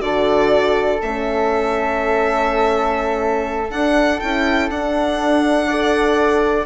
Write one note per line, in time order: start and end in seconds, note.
0.00 0.98 D3
0.00 0.99 F#4
0.00 5.67 A4
0.00 0.99 D5
1.02 3.71 A3
1.02 3.70 C#4
1.02 3.71 E5
3.70 4.19 D4
3.70 4.20 D4
3.70 4.20 F#5
4.20 4.69 C#4
4.20 4.70 E4
4.20 4.69 G5
4.69 6.66 D4
4.69 5.69 D4
4.69 6.66 F#5
5.67 6.66 A4
5.67 6.65 D5